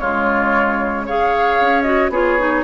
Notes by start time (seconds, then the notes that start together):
0.00 C#3 G#3 F4 C#5
1.06 G#4 C#5 F5
1.61 C#4
1.83 F#4 D#5
2.10 B3 F4 G#4 C#5
2.39 D#4